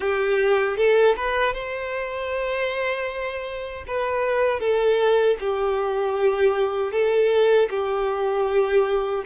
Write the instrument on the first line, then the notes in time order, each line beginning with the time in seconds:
violin
0.00 G4
0.76 A4
1.16 B4
1.53 C5
3.87 B4
4.59 A4
5.40 G4
6.92 A4
7.70 G4